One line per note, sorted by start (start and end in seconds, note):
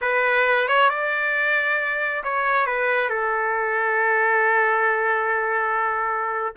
0.01 0.68 B4
0.68 0.89 C#5
0.89 2.23 D5
2.23 2.66 C#5
2.66 3.09 B4
3.09 6.54 A4